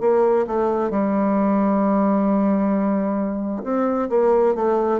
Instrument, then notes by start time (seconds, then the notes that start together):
bassoon
0.00 A#3
0.47 A3
0.90 G3
3.63 C4
4.09 A#3
4.55 A3